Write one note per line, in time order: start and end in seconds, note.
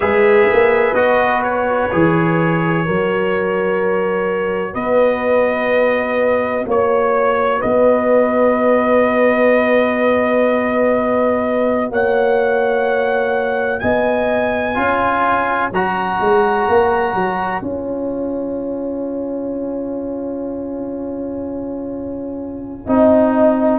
0.00 0.48 G#3
0.00 0.95 G#4
0.00 2.83 B4
0.00 0.94 E5
0.52 0.93 A#3
0.93 1.88 B3
0.93 1.90 F#4
0.93 1.42 D#5
1.43 4.74 C#5
1.91 2.88 E3
1.91 2.86 G#4
2.85 4.74 F#3
2.85 14.74 F#4
2.85 4.73 A#4
4.73 6.65 B3
4.73 6.63 B4
4.73 6.64 D#5
6.66 7.61 A#3
6.66 7.59 C#5
6.66 7.61 C#5
7.59 11.90 B3
7.59 11.87 B4
7.59 11.90 D#5
11.90 13.81 A#3
11.90 13.82 C#5
11.90 13.79 F#5
13.79 14.76 B3
13.79 14.76 D#5
13.79 15.70 G#5
14.74 15.71 C#4
14.74 15.70 F4
14.74 22.85 C#5
15.71 16.19 F#3
15.71 17.62 F#4
15.71 17.62 A#5
16.19 16.67 G#3
16.68 17.14 A#3
17.14 17.61 F#3
17.61 22.85 C#4
17.61 22.86 F4
17.61 23.79 G#5
22.86 23.79 C4
22.86 23.79 D#4
22.86 23.79 D#5